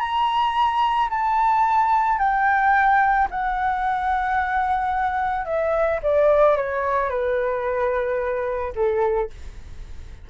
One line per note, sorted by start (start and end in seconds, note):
0.00 1.09 A#5
1.10 2.19 A5
2.19 3.28 G5
3.30 5.46 F#5
5.46 6.00 E5
6.03 6.57 D5
6.57 7.10 C#5
7.10 8.73 B4
8.76 9.30 A4